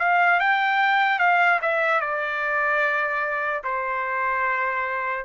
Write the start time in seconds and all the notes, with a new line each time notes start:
0.00 F5
0.40 G5
1.20 F5
1.62 E5
2.01 D5
3.64 C5